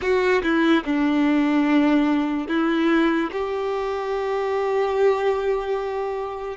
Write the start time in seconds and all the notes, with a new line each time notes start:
0.01 F#4
0.42 E4
0.84 D4
2.48 E4
3.31 G4